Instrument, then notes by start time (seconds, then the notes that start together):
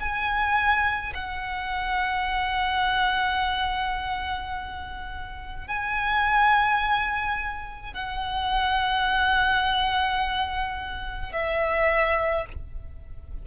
violin
0.00 G#5
1.15 F#5
5.68 G#5
7.94 F#5
11.33 E5